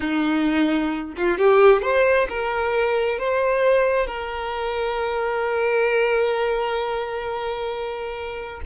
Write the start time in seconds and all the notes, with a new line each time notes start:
0.00 D#4
1.16 F4
1.38 G4
1.82 C5
2.29 A#4
3.19 C5
4.07 A#4